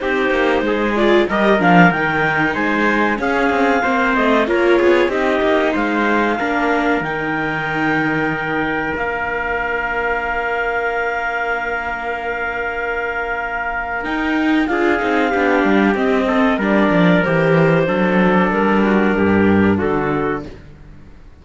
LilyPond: <<
  \new Staff \with { instrumentName = "clarinet" } { \time 4/4 \tempo 4 = 94 c''4. d''8 dis''8 f''8 g''4 | gis''4 f''4. dis''8 cis''4 | dis''4 f''2 g''4~ | g''2 f''2~ |
f''1~ | f''2 g''4 f''4~ | f''4 dis''4 d''4 c''4~ | c''4 ais'2 a'4 | }
  \new Staff \with { instrumentName = "trumpet" } { \time 4/4 g'4 gis'4 ais'2 | c''4 gis'4 c''4 ais'8 gis'8 | g'4 c''4 ais'2~ | ais'1~ |
ais'1~ | ais'2. gis'4 | g'4. a'8 ais'2 | a'4. fis'8 g'4 fis'4 | }
  \new Staff \with { instrumentName = "viola" } { \time 4/4 dis'4. f'8 g'8 d'8 dis'4~ | dis'4 cis'4 c'4 f'4 | dis'2 d'4 dis'4~ | dis'2 d'2~ |
d'1~ | d'2 dis'4 f'8 dis'8 | d'4 c'4 d'4 g'4 | d'1 | }
  \new Staff \with { instrumentName = "cello" } { \time 4/4 c'8 ais8 gis4 g8 f8 dis4 | gis4 cis'8 c'8 ais8 a8 ais8 b8 | c'8 ais8 gis4 ais4 dis4~ | dis2 ais2~ |
ais1~ | ais2 dis'4 d'8 c'8 | b8 g8 c'4 g8 f8 e4 | fis4 g4 g,4 d4 | }
>>